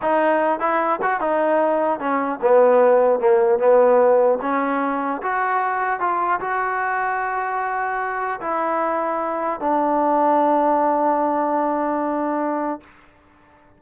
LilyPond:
\new Staff \with { instrumentName = "trombone" } { \time 4/4 \tempo 4 = 150 dis'4. e'4 fis'8 dis'4~ | dis'4 cis'4 b2 | ais4 b2 cis'4~ | cis'4 fis'2 f'4 |
fis'1~ | fis'4 e'2. | d'1~ | d'1 | }